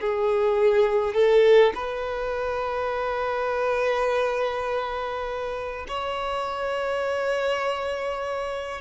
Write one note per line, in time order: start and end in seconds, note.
0.00 1.14 G#4
1.14 1.73 A4
1.74 5.86 B4
5.88 8.81 C#5